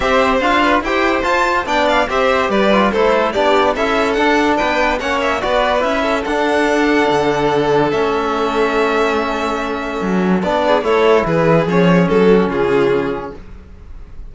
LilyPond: <<
  \new Staff \with { instrumentName = "violin" } { \time 4/4 \tempo 4 = 144 e''4 f''4 g''4 a''4 | g''8 f''8 e''4 d''4 c''4 | d''4 e''4 fis''4 g''4 | fis''8 e''8 d''4 e''4 fis''4~ |
fis''2. e''4~ | e''1~ | e''4 d''4 cis''4 b'4 | cis''4 a'4 gis'2 | }
  \new Staff \with { instrumentName = "violin" } { \time 4/4 c''4. b'8 c''2 | d''4 c''4 b'4 a'4 | g'4 a'2 b'4 | cis''4 b'4. a'4.~ |
a'1~ | a'1~ | a'4. gis'8 a'4 gis'4~ | gis'4. fis'8 f'2 | }
  \new Staff \with { instrumentName = "trombone" } { \time 4/4 g'4 f'4 g'4 f'4 | d'4 g'4. f'8 e'4 | d'4 e'4 d'2 | cis'4 fis'4 e'4 d'4~ |
d'2. cis'4~ | cis'1~ | cis'4 d'4 e'2 | cis'1 | }
  \new Staff \with { instrumentName = "cello" } { \time 4/4 c'4 d'4 e'4 f'4 | b4 c'4 g4 a4 | b4 cis'4 d'4 b4 | ais4 b4 cis'4 d'4~ |
d'4 d2 a4~ | a1 | fis4 b4 a4 e4 | f4 fis4 cis2 | }
>>